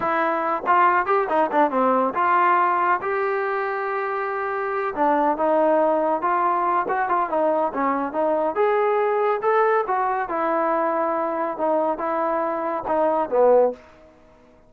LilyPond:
\new Staff \with { instrumentName = "trombone" } { \time 4/4 \tempo 4 = 140 e'4. f'4 g'8 dis'8 d'8 | c'4 f'2 g'4~ | g'2.~ g'8 d'8~ | d'8 dis'2 f'4. |
fis'8 f'8 dis'4 cis'4 dis'4 | gis'2 a'4 fis'4 | e'2. dis'4 | e'2 dis'4 b4 | }